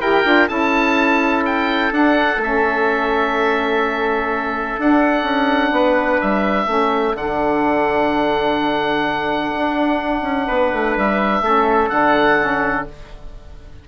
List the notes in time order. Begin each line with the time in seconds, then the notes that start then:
0.00 E4 G4 A#4 G5
0.24 D4 F4
0.48 C#4 E4 A4 A5
1.45 G5
1.91 D4 F#5
2.37 A3 C#4 E5
4.78 D4 F#5
5.23 C#4
5.71 B3 B4
6.21 G3 E5
6.66 A3 C#4 A4
7.14 D3 D4 F#5
9.57 D4
10.22 C#4
10.47 B3 B4
10.73 A3
10.97 G3 E5
11.41 A3 C#4 A4
11.89 D3 D4 F#5
12.39 C#4